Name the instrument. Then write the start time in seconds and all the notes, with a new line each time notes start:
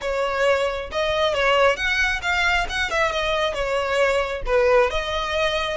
violin
0.01 C#5
0.91 D#5
1.33 C#5
1.76 F#5
2.22 F5
2.69 F#5
2.90 E5
3.11 D#5
3.54 C#5
4.46 B4
4.90 D#5